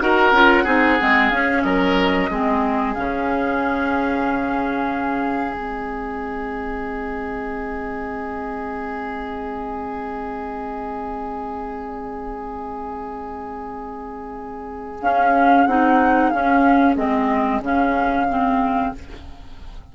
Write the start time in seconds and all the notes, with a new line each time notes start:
0.00 D#4 F#4 A#4 F#5
0.32 C#4 F4
0.64 C4 D#4 G#4
1.00 G#3 C4
1.30 C#4 F5
1.63 F#3 A#4 D#5
2.30 G#3 C4 G#4
2.94 C#3 C#4 F5
5.54 G#3 C4 D#5
15.01 C#4 F5
15.66 C4 D#4 F#5
16.30 C#4 F5
16.96 G#3 C4 D#5
17.60 C#3 C#4 F5
18.29 C4